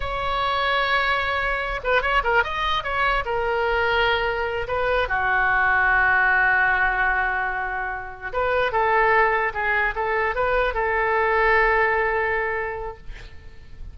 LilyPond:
\new Staff \with { instrumentName = "oboe" } { \time 4/4 \tempo 4 = 148 cis''1~ | cis''8 b'8 cis''8 ais'8 dis''4 cis''4 | ais'2.~ ais'8 b'8~ | b'8 fis'2.~ fis'8~ |
fis'1~ | fis'8 b'4 a'2 gis'8~ | gis'8 a'4 b'4 a'4.~ | a'1 | }